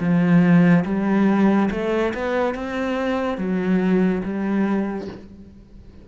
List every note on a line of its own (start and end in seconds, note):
0.00 0.85 F3
0.85 1.70 G3
1.71 2.14 A3
2.14 2.55 B3
2.55 3.38 C4
3.38 4.23 F#3
4.24 5.08 G3